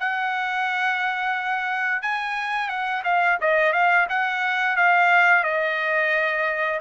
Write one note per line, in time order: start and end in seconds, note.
0.00 2.03 F#5
2.03 2.69 G#5
2.69 3.03 F#5
3.05 3.39 F5
3.41 3.73 D#5
3.73 4.08 F5
4.10 4.77 F#5
4.77 5.44 F5
5.44 6.81 D#5